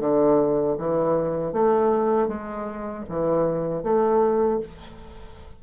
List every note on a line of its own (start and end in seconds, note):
0.00 0.77 D3
0.78 1.53 E3
1.53 2.28 A3
2.28 3.05 G#3
3.09 3.83 E3
3.83 4.60 A3